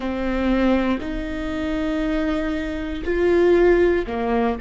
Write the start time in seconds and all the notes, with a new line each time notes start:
0.00 C4
1.00 D#4
3.04 F4
4.06 A#3